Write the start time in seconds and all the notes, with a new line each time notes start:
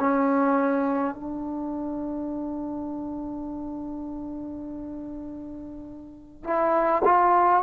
0.00 C#4
1.16 D4
6.44 E4
7.05 F4